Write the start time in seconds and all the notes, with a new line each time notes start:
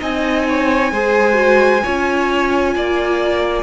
0.00 C4 D#4 D#5 G#5
0.49 C#5
0.92 G#3 G#4 C5
1.34 F#4
1.84 C#4 F4 C#5
2.76 A#3 D5